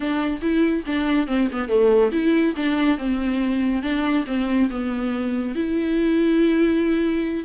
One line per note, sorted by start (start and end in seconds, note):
0.00 0.40 D4
0.41 0.84 E4
0.86 1.27 D4
1.27 1.48 C4
1.52 1.68 B3
1.68 2.11 A3
2.12 2.54 E4
2.56 2.98 D4
2.98 3.82 C4
3.82 4.24 D4
4.26 4.69 C4
4.70 5.55 B3
5.55 7.44 E4